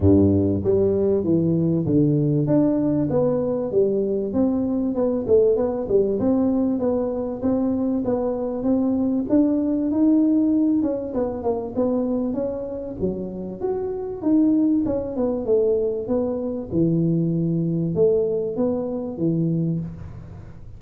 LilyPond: \new Staff \with { instrumentName = "tuba" } { \time 4/4 \tempo 4 = 97 g,4 g4 e4 d4 | d'4 b4 g4 c'4 | b8 a8 b8 g8 c'4 b4 | c'4 b4 c'4 d'4 |
dis'4. cis'8 b8 ais8 b4 | cis'4 fis4 fis'4 dis'4 | cis'8 b8 a4 b4 e4~ | e4 a4 b4 e4 | }